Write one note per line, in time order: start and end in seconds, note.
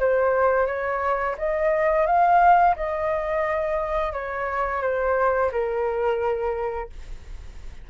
0.00 0.67 C5
0.67 1.36 C#5
1.38 2.07 D#5
2.07 2.76 F5
2.76 4.13 D#5
4.13 4.82 C#5
4.82 5.51 C5
5.52 6.90 A#4